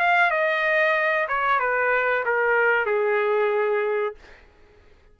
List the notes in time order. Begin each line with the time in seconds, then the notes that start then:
0.00 F5
0.31 D#5
1.28 C#5
1.60 B4
2.26 A#4
2.86 G#4